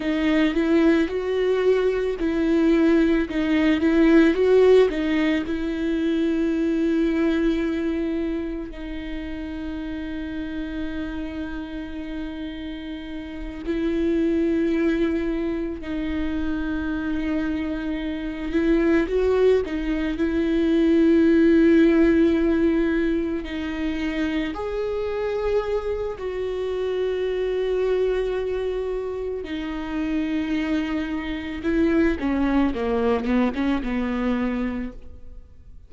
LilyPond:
\new Staff \with { instrumentName = "viola" } { \time 4/4 \tempo 4 = 55 dis'8 e'8 fis'4 e'4 dis'8 e'8 | fis'8 dis'8 e'2. | dis'1~ | dis'8 e'2 dis'4.~ |
dis'4 e'8 fis'8 dis'8 e'4.~ | e'4. dis'4 gis'4. | fis'2. dis'4~ | dis'4 e'8 cis'8 ais8 b16 cis'16 b4 | }